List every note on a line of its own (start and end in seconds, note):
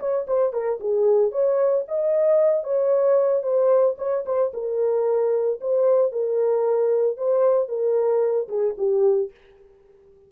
0.00 0.27 C#5
0.28 0.53 C5
0.53 0.80 A#4
0.81 1.32 G#4
1.32 1.85 C#5
1.88 2.64 D#5
2.64 3.43 C#5
3.43 3.96 C5
3.98 4.25 C#5
4.26 4.53 C5
4.54 5.60 A#4
5.61 6.12 C5
6.12 7.18 A#4
7.18 7.69 C5
7.69 8.48 A#4
8.49 8.75 G#4
8.78 9.31 G4